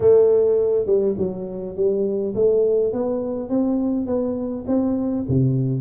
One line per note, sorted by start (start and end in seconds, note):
0.00 0.86 A3
0.86 1.15 G3
1.17 1.76 F#3
1.76 2.34 G3
2.34 2.93 A3
2.93 3.49 B3
3.49 4.06 C4
4.06 4.64 B3
4.67 5.25 C4
5.28 5.81 C3